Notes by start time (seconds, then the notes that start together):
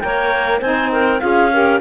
0.00 A#3 A#4 C#5 G5
0.60 C4 D#4 C5 G#5
0.92 A#4 G5
1.19 C#4 F4 G#4 F5
1.52 G4 A#4